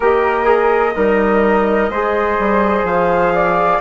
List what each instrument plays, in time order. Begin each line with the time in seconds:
0.00 bassoon A#3, trombone G4, flute A#4 D#5
0.44 trombone G#4
0.95 bassoon G3, flute D#4, trombone A#4
1.89 bassoon G#3, trombone G#4, flute C5
2.38 bassoon G3
2.83 bassoon F3, flute F5
3.34 flute D5